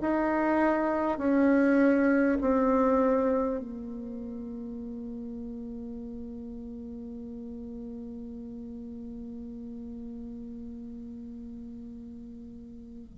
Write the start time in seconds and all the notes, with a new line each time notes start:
0.00 D#4
1.18 C#4
2.40 C4
3.59 A#3